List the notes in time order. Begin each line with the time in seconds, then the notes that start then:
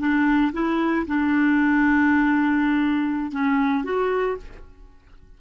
0.00 D4
0.53 E4
1.07 D4
3.32 C#4
3.84 F#4